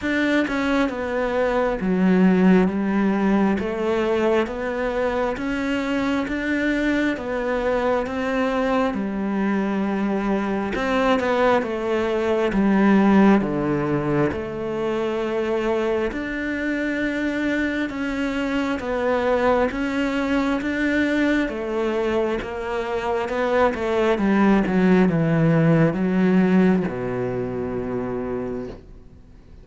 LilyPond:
\new Staff \with { instrumentName = "cello" } { \time 4/4 \tempo 4 = 67 d'8 cis'8 b4 fis4 g4 | a4 b4 cis'4 d'4 | b4 c'4 g2 | c'8 b8 a4 g4 d4 |
a2 d'2 | cis'4 b4 cis'4 d'4 | a4 ais4 b8 a8 g8 fis8 | e4 fis4 b,2 | }